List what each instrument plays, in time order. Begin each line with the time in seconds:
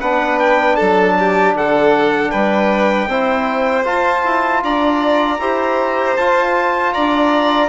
0.00 bassoon B3, trombone D4, violin B4, trumpet F#5
0.39 trumpet G5
0.76 bassoon F#3, violin A4, trumpet A5
1.19 violin G4
1.54 bassoon D3, violin A4, trumpet F#5
2.31 bassoon G3, violin B4, trumpet G5
3.07 bassoon C4, trombone E4, violin C5
3.84 trombone F4, bassoon F4, trumpet A5
4.24 bassoon E4
4.63 bassoon D4, violin D5, trumpet A#5
5.39 bassoon E4, trombone G4, violin C5
6.17 bassoon F4, trombone F4, trumpet A5
6.93 bassoon D4, violin D5, trumpet A#5